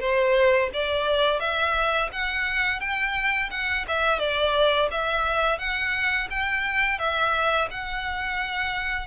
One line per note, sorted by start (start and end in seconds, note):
0.00 0.70 C5
0.73 1.40 D5
1.40 2.10 E5
2.12 2.80 F#5
2.80 3.50 G5
3.50 3.85 F#5
3.88 4.19 E5
4.19 4.89 D5
4.91 5.58 E5
5.58 6.28 F#5
6.30 6.99 G5
6.99 7.68 E5
7.71 9.07 F#5